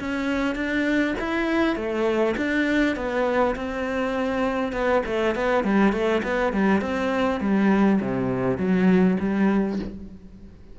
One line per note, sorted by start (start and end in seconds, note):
0.00 0.56 C#4
0.56 1.15 D4
1.20 1.76 E4
1.76 2.36 A3
2.37 2.96 D4
2.96 3.56 B3
3.56 4.73 C4
4.73 5.03 B3
5.07 5.36 A3
5.36 5.64 B3
5.64 5.93 G3
5.93 6.23 A3
6.24 6.53 B3
6.53 6.82 G3
6.82 7.41 C4
7.41 8.00 G3
8.01 8.58 C3
8.58 9.18 F#3
9.20 9.80 G3